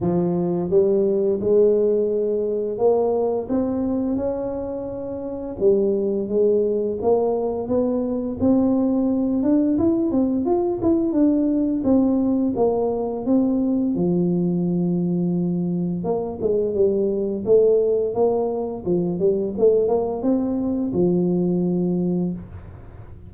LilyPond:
\new Staff \with { instrumentName = "tuba" } { \time 4/4 \tempo 4 = 86 f4 g4 gis2 | ais4 c'4 cis'2 | g4 gis4 ais4 b4 | c'4. d'8 e'8 c'8 f'8 e'8 |
d'4 c'4 ais4 c'4 | f2. ais8 gis8 | g4 a4 ais4 f8 g8 | a8 ais8 c'4 f2 | }